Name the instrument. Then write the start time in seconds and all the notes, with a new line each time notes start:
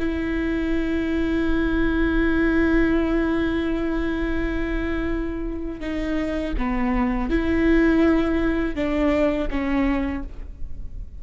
viola
0.00 E4
5.81 D#4
6.58 B3
7.30 E4
8.76 D4
9.51 C#4